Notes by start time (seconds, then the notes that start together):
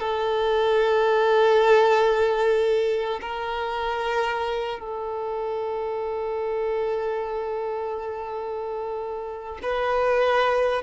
0.00 A4
3.22 A#4
4.79 A4
9.63 B4